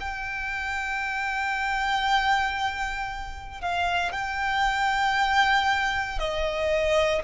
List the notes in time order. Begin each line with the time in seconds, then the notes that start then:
0.00 G5
3.62 F5
4.12 G5
6.19 D#5